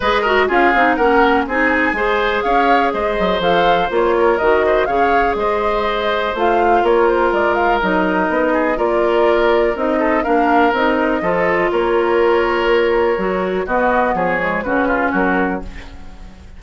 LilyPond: <<
  \new Staff \with { instrumentName = "flute" } { \time 4/4 \tempo 4 = 123 dis''4 f''4 fis''4 gis''4~ | gis''4 f''4 dis''4 f''4 | cis''4 dis''4 f''4 dis''4~ | dis''4 f''4 cis''8 c''8 d''8 f''8 |
dis''2 d''2 | dis''4 f''4 dis''2 | cis''1 | dis''4 cis''4 b'4 ais'4 | }
  \new Staff \with { instrumentName = "oboe" } { \time 4/4 b'8 ais'8 gis'4 ais'4 gis'4 | c''4 cis''4 c''2~ | c''8 ais'4 c''8 cis''4 c''4~ | c''2 ais'2~ |
ais'4. gis'8 ais'2~ | ais'8 a'8 ais'2 a'4 | ais'1 | fis'4 gis'4 fis'8 f'8 fis'4 | }
  \new Staff \with { instrumentName = "clarinet" } { \time 4/4 gis'8 fis'8 f'8 dis'8 cis'4 dis'4 | gis'2. a'4 | f'4 fis'4 gis'2~ | gis'4 f'2. |
dis'2 f'2 | dis'4 d'4 dis'4 f'4~ | f'2. fis'4 | b4. gis8 cis'2 | }
  \new Staff \with { instrumentName = "bassoon" } { \time 4/4 gis4 cis'8 c'8 ais4 c'4 | gis4 cis'4 gis8 fis8 f4 | ais4 dis4 cis4 gis4~ | gis4 a4 ais4 gis4 |
fis4 b4 ais2 | c'4 ais4 c'4 f4 | ais2. fis4 | b4 f4 cis4 fis4 | }
>>